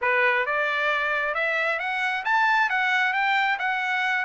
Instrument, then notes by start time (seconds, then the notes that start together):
trumpet
0.01 B4
0.46 D5
1.34 E5
1.79 F#5
2.24 A5
2.69 F#5
3.13 G5
3.58 F#5